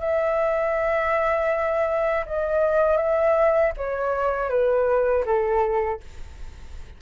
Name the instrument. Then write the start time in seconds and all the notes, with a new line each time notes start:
flute
0.00 E5
2.26 D#5
2.97 E5
3.77 C#5
4.50 B4
5.26 A4